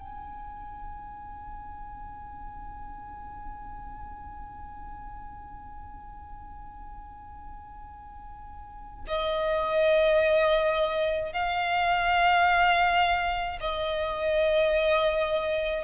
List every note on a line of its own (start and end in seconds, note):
0.00 9.06 G#5
9.08 11.33 D#5
11.33 13.60 F5
13.61 15.84 D#5